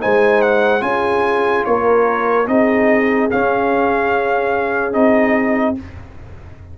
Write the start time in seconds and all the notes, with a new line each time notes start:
0.00 G#3 D#4 C5 G#5
0.41 F#5
0.80 C#4 F4 G#4 G#5
1.65 A#3 A#4 C#5
2.47 C4 D#4 G#4 D#5
3.30 C#4 F5
4.92 C4 D#4 D#5